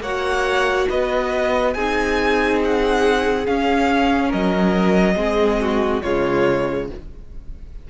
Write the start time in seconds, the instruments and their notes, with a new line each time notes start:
0.00 cello A#3, viola F#4, violin C#5 F#5
0.89 cello B3, violin B4 D#5
1.74 cello C4, viola D#4, violin G#4 G#5
2.64 violin F#5
3.46 viola C#4, cello C#4, violin F5
4.28 cello F#3, violin A#4 D#5
5.15 cello G#3, viola C4, violin G#4
5.61 violin F#4
6.02 cello C#3, viola G#3, violin F4 C#5